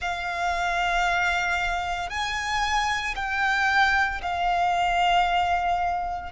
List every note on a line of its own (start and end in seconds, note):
0.01 2.09 F5
2.09 3.14 G#5
3.15 4.21 G5
4.22 6.32 F5